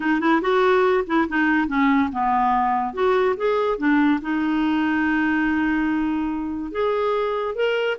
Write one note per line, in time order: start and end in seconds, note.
0.00 0.20 D#4
0.20 0.41 E4
0.41 1.04 F#4
1.06 1.27 E4
1.28 1.67 D#4
1.67 2.09 C#4
2.12 2.93 B3
2.93 3.35 F#4
3.36 3.78 G#4
3.78 4.20 D4
4.21 6.71 D#4
6.71 7.55 G#4
7.55 7.97 A#4